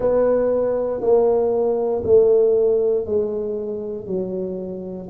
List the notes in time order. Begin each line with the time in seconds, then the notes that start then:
0.00 B3
1.00 A#3
2.03 A3
3.05 G#3
4.06 F#3